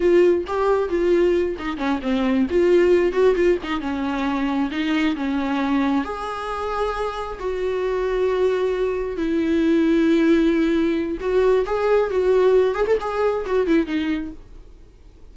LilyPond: \new Staff \with { instrumentName = "viola" } { \time 4/4 \tempo 4 = 134 f'4 g'4 f'4. dis'8 | cis'8 c'4 f'4. fis'8 f'8 | dis'8 cis'2 dis'4 cis'8~ | cis'4. gis'2~ gis'8~ |
gis'8 fis'2.~ fis'8~ | fis'8 e'2.~ e'8~ | e'4 fis'4 gis'4 fis'4~ | fis'8 gis'16 a'16 gis'4 fis'8 e'8 dis'4 | }